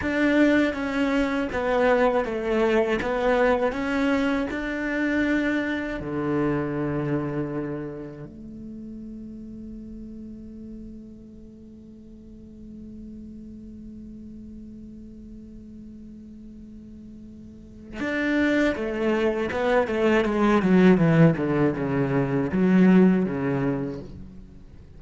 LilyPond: \new Staff \with { instrumentName = "cello" } { \time 4/4 \tempo 4 = 80 d'4 cis'4 b4 a4 | b4 cis'4 d'2 | d2. a4~ | a1~ |
a1~ | a1 | d'4 a4 b8 a8 gis8 fis8 | e8 d8 cis4 fis4 cis4 | }